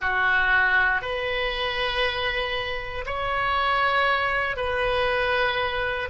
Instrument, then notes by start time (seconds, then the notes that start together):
oboe
0.00 F#4
1.01 B4
3.06 C#5
4.56 B4